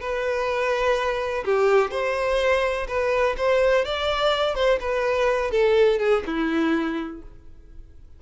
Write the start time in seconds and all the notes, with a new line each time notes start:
0.00 B4
1.45 G4
1.91 C5
2.88 B4
3.37 C5
3.85 D5
4.55 C5
4.80 B4
5.51 A4
5.99 G#4
6.26 E4